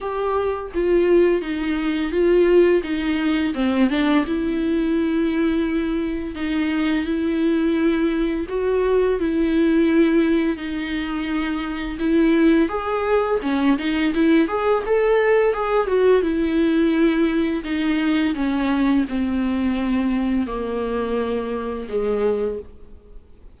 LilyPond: \new Staff \with { instrumentName = "viola" } { \time 4/4 \tempo 4 = 85 g'4 f'4 dis'4 f'4 | dis'4 c'8 d'8 e'2~ | e'4 dis'4 e'2 | fis'4 e'2 dis'4~ |
dis'4 e'4 gis'4 cis'8 dis'8 | e'8 gis'8 a'4 gis'8 fis'8 e'4~ | e'4 dis'4 cis'4 c'4~ | c'4 ais2 gis4 | }